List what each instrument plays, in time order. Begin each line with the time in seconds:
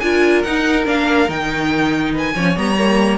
0.00 cello D4, viola F4, violin A#4 G#5
0.43 viola D#4, cello D#4, violin F#5
0.86 cello A#3, viola D4, violin F5
1.28 cello D#3, viola D#4, violin G5
2.12 violin B4 G#5
2.36 cello F3, viola C#4, violin C#5
2.56 cello G3, viola B3, violin A#5
2.79 viola A#3